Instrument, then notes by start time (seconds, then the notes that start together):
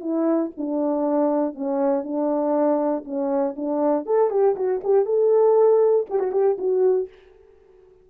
horn
0.00 E4
0.57 D4
1.54 C#4
2.03 D4
3.04 C#4
3.56 D4
4.05 A4
4.30 G4
4.56 F#4
4.84 G4
5.05 A4
6.09 G4
6.19 F#4
6.32 G4
6.58 F#4